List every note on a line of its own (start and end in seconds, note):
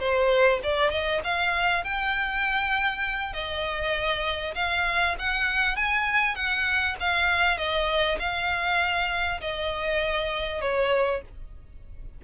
0.00 0.61 C5
0.64 0.91 D5
0.91 1.21 D#5
1.25 1.85 F5
1.85 3.34 G5
3.34 4.55 D#5
4.56 5.16 F5
5.19 5.77 F#5
5.77 6.36 G#5
6.36 6.96 F#5
7.01 7.58 F5
7.58 8.19 D#5
8.20 9.41 F5
9.41 10.62 D#5
10.62 11.22 C#5